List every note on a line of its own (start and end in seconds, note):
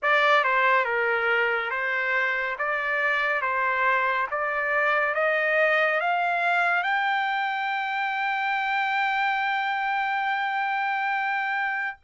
0.02 0.44 D5
0.44 0.84 C5
0.84 1.70 A#4
1.70 2.56 C5
2.58 3.41 D5
3.41 4.27 C5
4.31 5.14 D5
5.14 6.00 D#5
6.00 6.83 F5
6.83 11.97 G5